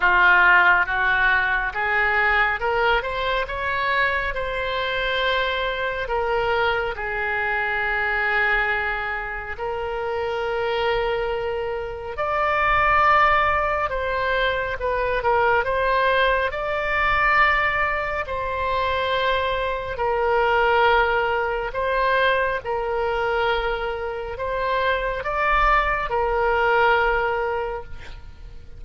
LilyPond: \new Staff \with { instrumentName = "oboe" } { \time 4/4 \tempo 4 = 69 f'4 fis'4 gis'4 ais'8 c''8 | cis''4 c''2 ais'4 | gis'2. ais'4~ | ais'2 d''2 |
c''4 b'8 ais'8 c''4 d''4~ | d''4 c''2 ais'4~ | ais'4 c''4 ais'2 | c''4 d''4 ais'2 | }